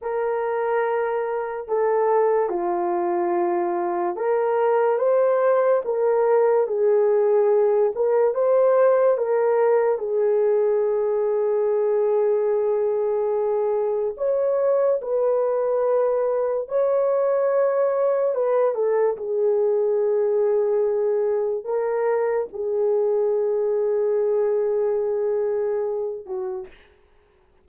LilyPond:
\new Staff \with { instrumentName = "horn" } { \time 4/4 \tempo 4 = 72 ais'2 a'4 f'4~ | f'4 ais'4 c''4 ais'4 | gis'4. ais'8 c''4 ais'4 | gis'1~ |
gis'4 cis''4 b'2 | cis''2 b'8 a'8 gis'4~ | gis'2 ais'4 gis'4~ | gis'2.~ gis'8 fis'8 | }